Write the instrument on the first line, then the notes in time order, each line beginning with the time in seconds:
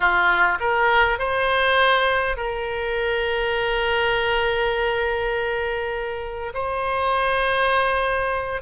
oboe
0.00 F4
0.60 A#4
1.19 C5
2.37 A#4
6.54 C5